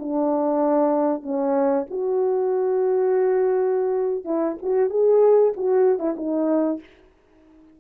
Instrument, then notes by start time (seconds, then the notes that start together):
horn
0.00 D4
1.23 C#4
1.91 F#4
4.25 E4
4.62 F#4
4.90 G#4
5.57 F#4
6.00 E4
6.17 D#4